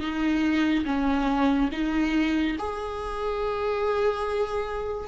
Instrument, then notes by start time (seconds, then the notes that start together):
viola
0.00 D#4
0.85 C#4
1.72 D#4
2.59 G#4